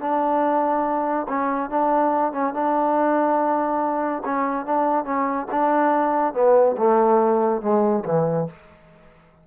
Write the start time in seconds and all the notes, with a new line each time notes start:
0.00 D4
1.28 C#4
1.70 D4
2.33 C#4
2.54 D4
4.25 C#4
4.66 D4
5.05 C#4
5.51 D4
6.34 B3
6.78 A3
7.62 G#3
8.05 E3